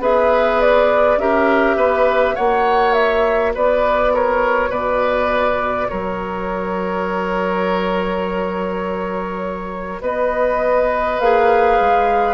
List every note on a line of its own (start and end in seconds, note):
0.00 1.18 B3
0.00 1.19 G#4
0.00 1.19 B4
0.00 0.61 E5
0.61 1.20 D5
1.18 1.76 C#4
1.18 2.37 G4
1.18 1.77 A#4
1.18 2.36 E5
1.76 2.35 B3
1.76 2.36 B4
2.36 3.56 A#3
2.36 11.20 F#4
2.36 3.53 C#5
2.36 2.94 F#5
2.94 3.53 E5
3.55 4.70 B3
3.55 4.13 B4
3.55 4.16 D5
4.14 4.70 A#4
4.14 4.72 C#5
4.70 5.87 B2
4.70 5.88 B4
4.70 5.90 D5
5.90 10.02 F#3
5.90 10.02 A#4
5.90 10.01 C#5
10.02 11.19 B3
10.02 12.35 B4
10.02 11.20 D#5
11.20 11.79 A#3
11.20 12.35 G#4
11.20 12.35 F5
11.80 12.35 G#3